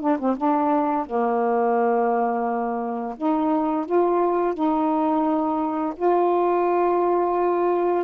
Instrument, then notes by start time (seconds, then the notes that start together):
saxophone
0.00 D4
0.18 C4
0.36 D4
1.06 A#3
3.16 D#4
3.85 F4
4.54 D#4
5.96 F4